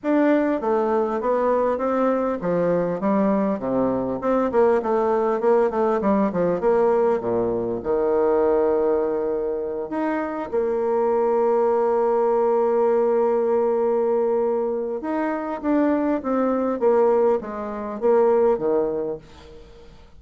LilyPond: \new Staff \with { instrumentName = "bassoon" } { \time 4/4 \tempo 4 = 100 d'4 a4 b4 c'4 | f4 g4 c4 c'8 ais8 | a4 ais8 a8 g8 f8 ais4 | ais,4 dis2.~ |
dis8 dis'4 ais2~ ais8~ | ais1~ | ais4 dis'4 d'4 c'4 | ais4 gis4 ais4 dis4 | }